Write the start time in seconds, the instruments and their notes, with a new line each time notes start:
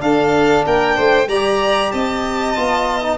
0.00 trombone D4, tuba D4, violin A4 F5
0.66 tuba A#3, violin A#4 G5
0.96 tuba A3, violin C5
1.27 tuba G3, violin D5 A#5
1.34 trombone G4
1.91 tuba C4, violin D#5 A5
2.56 tuba B3, trombone F4
3.02 trombone D#4